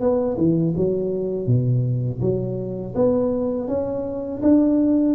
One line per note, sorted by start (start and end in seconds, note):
0.00 0.37 B3
0.37 0.74 E3
0.76 1.46 F#3
1.46 2.20 B2
2.21 2.94 F#3
2.95 3.68 B3
3.68 4.41 C#4
4.42 5.15 D4